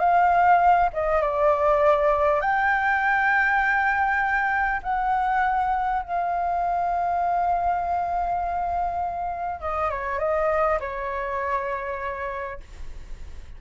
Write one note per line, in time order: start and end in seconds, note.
0.00 0.90 F5
0.93 1.21 D#5
1.21 2.41 D5
2.41 4.81 G5
4.83 6.02 F#5
6.02 9.61 F5
9.61 9.90 D#5
9.90 10.19 C#5
10.19 10.79 D#5
10.80 12.60 C#5